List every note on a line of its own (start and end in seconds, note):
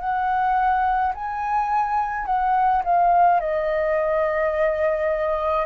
0.00 1.13 F#5
1.15 2.26 G#5
2.26 2.83 F#5
2.85 3.40 F5
3.40 5.66 D#5